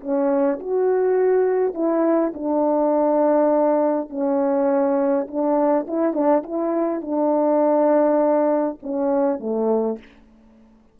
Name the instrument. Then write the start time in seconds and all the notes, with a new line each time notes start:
horn
0.00 C#4
0.59 F#4
1.74 E4
2.34 D4
4.09 C#4
5.27 D4
5.87 E4
6.13 D4
6.43 E4
7.01 D4
8.82 C#4
9.39 A3